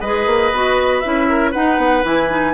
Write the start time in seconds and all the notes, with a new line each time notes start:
0.00 G#3 G#4 B4 D#5
0.26 A#3
0.52 B3 F#4
0.99 E4 E5
1.05 C#4
1.29 A#4
1.51 D#4 B4 F#5
1.77 B3
2.03 E3 E4 G#5
2.29 D#4